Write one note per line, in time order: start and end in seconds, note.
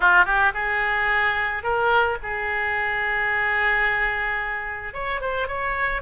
0.00 0.25 F4
0.25 0.52 G4
0.54 1.63 G#4
1.63 2.17 A#4
2.22 4.93 G#4
4.93 5.20 C#5
5.20 5.47 C5
5.47 6.01 C#5